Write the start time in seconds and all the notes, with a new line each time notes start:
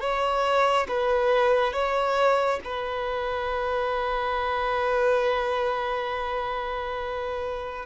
0.00 C#5
0.88 B4
1.73 C#5
2.64 B4